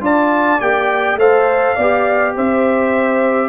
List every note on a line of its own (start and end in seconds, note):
0.00 0.58 D4
0.00 0.58 F4
0.00 1.18 D5
0.00 0.60 A5
0.60 1.15 A#3
0.60 1.18 G4
0.60 1.18 G5
1.15 1.73 A3
1.15 1.76 A4
1.15 1.75 C5
1.15 2.34 F5
1.75 2.35 B3
1.75 3.49 G4
1.75 2.33 D5
2.35 3.49 C4
2.35 3.49 C5
2.35 3.49 E5